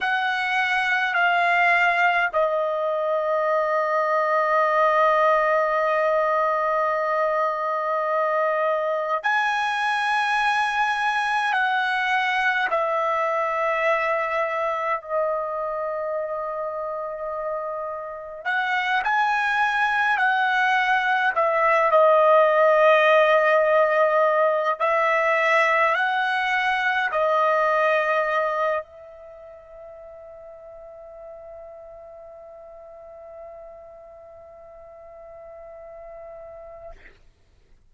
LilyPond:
\new Staff \with { instrumentName = "trumpet" } { \time 4/4 \tempo 4 = 52 fis''4 f''4 dis''2~ | dis''1 | gis''2 fis''4 e''4~ | e''4 dis''2. |
fis''8 gis''4 fis''4 e''8 dis''4~ | dis''4. e''4 fis''4 dis''8~ | dis''4 e''2.~ | e''1 | }